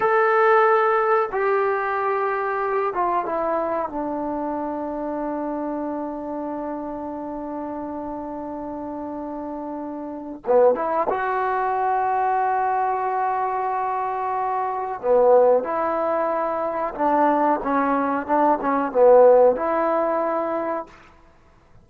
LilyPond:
\new Staff \with { instrumentName = "trombone" } { \time 4/4 \tempo 4 = 92 a'2 g'2~ | g'8 f'8 e'4 d'2~ | d'1~ | d'1 |
b8 e'8 fis'2.~ | fis'2. b4 | e'2 d'4 cis'4 | d'8 cis'8 b4 e'2 | }